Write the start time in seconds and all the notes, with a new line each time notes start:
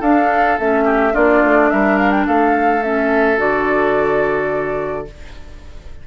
0.00 D4 A4 F5
0.59 A3 C#4 E5
0.85 G4
1.12 A#3 D4 F4 D5
1.44 A3
1.70 G3 A#4 E5
1.97 F5
2.11 G5
2.27 A3 A4 F5
2.83 C#4 E5
3.37 D3 F#4 D5